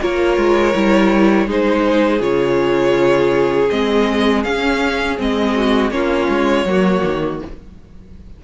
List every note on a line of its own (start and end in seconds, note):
0.00 0.37 A#3
0.00 0.74 F4
0.00 1.47 A#4
0.00 1.50 C#5
0.37 0.75 G#3
0.75 1.47 G3
0.75 1.48 E4
1.47 2.21 G#3
1.47 2.19 D#4
1.47 5.54 G#4
1.47 2.22 C5
2.19 3.69 C#3
2.19 3.68 F4
2.19 3.70 C#5
3.70 4.46 G#3
3.70 4.45 C4
3.70 4.44 D#5
4.44 5.18 C#4
4.44 5.20 C#4
4.44 5.18 F5
5.18 5.91 G#3
5.18 5.91 C4
5.18 5.91 D#5
5.56 5.93 F#4
5.91 6.28 A#3
5.91 6.65 C#4
5.91 6.67 F4
5.91 7.39 C#5
6.29 6.65 G#3
6.65 7.02 F#3
6.65 7.43 A#3
6.65 7.44 F#4
7.05 7.42 D#3